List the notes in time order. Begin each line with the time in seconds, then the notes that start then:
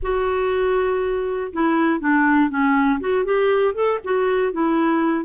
0.02 F#4
1.52 E4
2.00 D4
2.49 C#4
3.00 F#4
3.24 G4
3.74 A4
4.03 F#4
4.52 E4